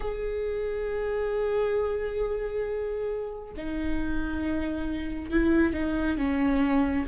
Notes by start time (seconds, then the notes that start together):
0.00 G#4
3.57 D#4
5.31 E4
5.73 D#4
6.17 C#4